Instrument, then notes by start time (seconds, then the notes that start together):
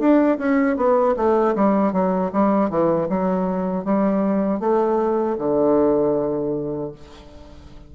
bassoon
0.00 D4
0.39 C#4
0.77 B3
1.17 A3
1.56 G3
1.93 F#3
2.33 G3
2.70 E3
3.09 F#3
3.85 G3
4.60 A3
5.38 D3